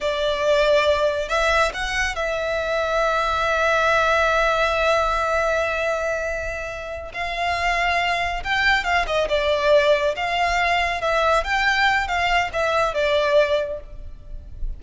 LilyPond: \new Staff \with { instrumentName = "violin" } { \time 4/4 \tempo 4 = 139 d''2. e''4 | fis''4 e''2.~ | e''1~ | e''1~ |
e''8 f''2. g''8~ | g''8 f''8 dis''8 d''2 f''8~ | f''4. e''4 g''4. | f''4 e''4 d''2 | }